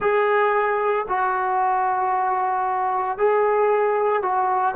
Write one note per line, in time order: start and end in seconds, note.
0.00 1.06 G#4
1.08 3.18 F#4
3.18 4.22 G#4
4.22 4.75 F#4